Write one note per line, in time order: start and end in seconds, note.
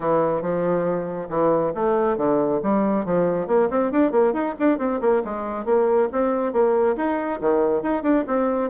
0.00 0.41 E3
0.41 1.28 F3
1.29 1.72 E3
1.74 2.17 A3
2.17 2.60 D3
2.62 3.05 G3
3.05 3.47 F3
3.47 3.69 A#3
3.70 3.91 C4
3.91 4.11 D4
4.11 4.33 A#3
4.33 4.54 D#4
4.59 4.78 D4
4.78 5.00 C4
5.00 5.22 A#3
5.24 5.65 G#3
5.65 6.08 A#3
6.12 6.52 C4
6.52 6.96 A#3
6.96 7.40 D#4
7.40 7.82 D#3
7.82 8.02 D#4
8.02 8.24 D4
8.27 8.70 C4